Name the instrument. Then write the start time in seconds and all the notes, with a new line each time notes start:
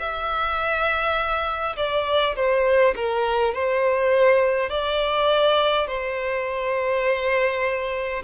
violin
0.00 E5
1.77 D5
2.36 C5
2.96 A#4
3.54 C5
4.70 D5
5.88 C5